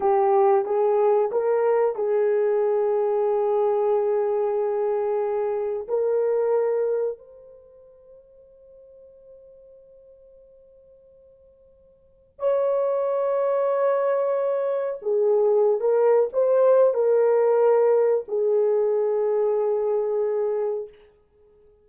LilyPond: \new Staff \with { instrumentName = "horn" } { \time 4/4 \tempo 4 = 92 g'4 gis'4 ais'4 gis'4~ | gis'1~ | gis'4 ais'2 c''4~ | c''1~ |
c''2. cis''4~ | cis''2. gis'4~ | gis'16 ais'8. c''4 ais'2 | gis'1 | }